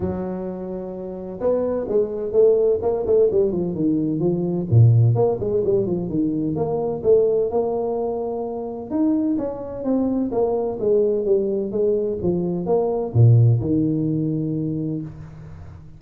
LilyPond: \new Staff \with { instrumentName = "tuba" } { \time 4/4 \tempo 4 = 128 fis2. b4 | gis4 a4 ais8 a8 g8 f8 | dis4 f4 ais,4 ais8 gis8 | g8 f8 dis4 ais4 a4 |
ais2. dis'4 | cis'4 c'4 ais4 gis4 | g4 gis4 f4 ais4 | ais,4 dis2. | }